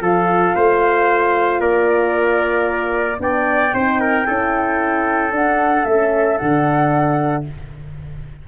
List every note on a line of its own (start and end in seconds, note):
0.00 0.53 F3
0.00 3.18 F4
0.00 0.55 A4
0.00 1.60 F5
0.55 1.60 A3
0.55 1.60 C5
1.60 3.19 A#3
1.60 3.19 A#4
1.60 3.20 D5
3.18 3.72 B3
3.18 3.71 D4
3.18 3.74 D5
3.18 5.33 G5
3.73 4.27 C4
3.73 4.26 D#4
3.73 4.00 C5
4.00 4.26 A#4
4.26 5.31 C#4
4.26 5.32 E4
4.26 7.45 A4
5.31 5.84 D4
5.31 5.85 D4
5.31 5.84 F#5
5.84 6.38 A3
5.84 6.40 C#4
5.84 6.37 E5
6.37 7.47 D3
6.37 7.46 D4
6.37 7.44 F#5